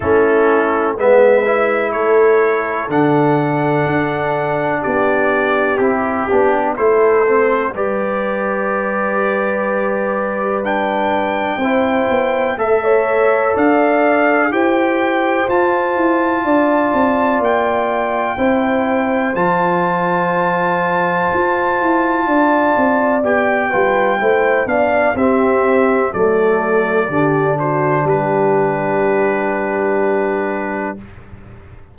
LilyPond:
<<
  \new Staff \with { instrumentName = "trumpet" } { \time 4/4 \tempo 4 = 62 a'4 e''4 cis''4 fis''4~ | fis''4 d''4 g'4 c''4 | d''2. g''4~ | g''4 e''4 f''4 g''4 |
a''2 g''2 | a''1 | g''4. f''8 e''4 d''4~ | d''8 c''8 b'2. | }
  \new Staff \with { instrumentName = "horn" } { \time 4/4 e'4 b'4 a'2~ | a'4 g'2 a'4 | b'1 | c''4 e''16 cis''8. d''4 c''4~ |
c''4 d''2 c''4~ | c''2. d''4~ | d''8 b'8 c''8 d''8 g'4 a'4 | g'8 fis'8 g'2. | }
  \new Staff \with { instrumentName = "trombone" } { \time 4/4 cis'4 b8 e'4. d'4~ | d'2 e'8 d'8 e'8 c'8 | g'2. d'4 | e'4 a'2 g'4 |
f'2. e'4 | f'1 | g'8 f'8 e'8 d'8 c'4 a4 | d'1 | }
  \new Staff \with { instrumentName = "tuba" } { \time 4/4 a4 gis4 a4 d4 | d'4 b4 c'8 b8 a4 | g1 | c'8 b8 a4 d'4 e'4 |
f'8 e'8 d'8 c'8 ais4 c'4 | f2 f'8 e'8 d'8 c'8 | b8 g8 a8 b8 c'4 fis4 | d4 g2. | }
>>